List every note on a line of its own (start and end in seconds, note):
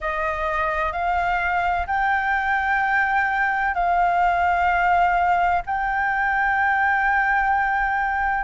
0.00 0.92 D#5
0.92 1.86 F5
1.87 3.74 G5
3.74 5.62 F5
5.65 8.44 G5